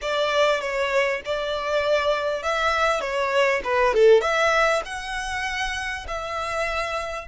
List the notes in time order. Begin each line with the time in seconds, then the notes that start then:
0.01 D5
0.60 C#5
1.25 D5
2.42 E5
3.00 C#5
3.64 B4
3.93 A4
4.21 E5
4.85 F#5
6.07 E5